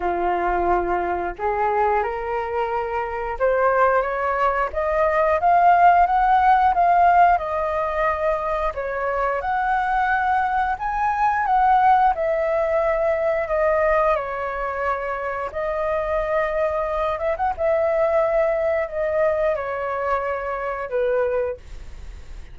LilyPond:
\new Staff \with { instrumentName = "flute" } { \time 4/4 \tempo 4 = 89 f'2 gis'4 ais'4~ | ais'4 c''4 cis''4 dis''4 | f''4 fis''4 f''4 dis''4~ | dis''4 cis''4 fis''2 |
gis''4 fis''4 e''2 | dis''4 cis''2 dis''4~ | dis''4. e''16 fis''16 e''2 | dis''4 cis''2 b'4 | }